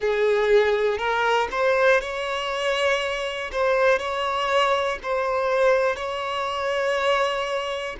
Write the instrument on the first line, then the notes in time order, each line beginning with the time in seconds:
violin
0.00 G#4
0.98 A#4
1.50 C5
2.00 C#5
3.52 C5
3.98 C#5
5.03 C5
5.95 C#5